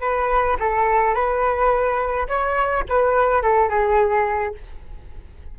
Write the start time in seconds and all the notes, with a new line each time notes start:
0.00 B4
0.59 A4
1.14 B4
2.27 C#5
2.88 B4
3.42 A4
3.69 G#4